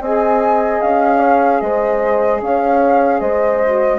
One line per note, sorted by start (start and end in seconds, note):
0.00 0.80 C4
0.00 3.64 G#4
0.00 1.19 D#5
0.00 0.81 G#5
0.81 1.62 C#4
0.81 1.61 F5
1.19 1.59 C#5
1.61 2.41 G#3
1.61 2.42 C5
1.61 2.41 D#5
2.41 3.21 C#4
2.41 3.20 C#5
2.41 3.20 F5
3.20 3.99 G#3
3.20 3.99 C5
3.20 3.99 D#5
3.64 3.99 F#4